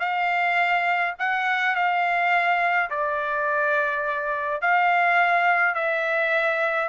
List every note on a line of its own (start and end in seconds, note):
0.00 1.14 F5
1.19 1.75 F#5
1.75 2.90 F5
2.90 4.62 D5
4.62 5.75 F5
5.75 6.89 E5